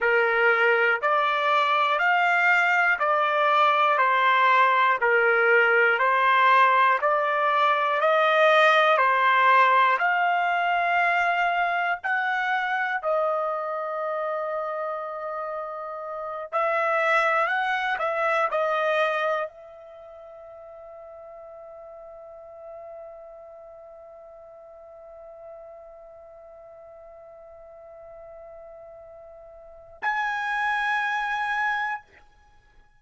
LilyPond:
\new Staff \with { instrumentName = "trumpet" } { \time 4/4 \tempo 4 = 60 ais'4 d''4 f''4 d''4 | c''4 ais'4 c''4 d''4 | dis''4 c''4 f''2 | fis''4 dis''2.~ |
dis''8 e''4 fis''8 e''8 dis''4 e''8~ | e''1~ | e''1~ | e''2 gis''2 | }